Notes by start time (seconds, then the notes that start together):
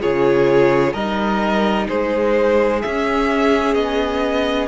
0.00 C#3 F4 G#4 C#5
0.93 G3 D#4 A#4 D#5
1.87 G#3 G#4 C5
2.81 C#4 E5
3.74 B3 D#5